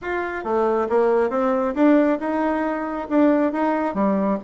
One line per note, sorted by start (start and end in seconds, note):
0.01 0.44 F4
0.44 0.88 A3
0.89 1.30 A#3
1.30 1.74 C4
1.74 2.19 D4
2.19 3.08 D#4
3.09 3.52 D4
3.52 3.94 D#4
3.94 4.38 G3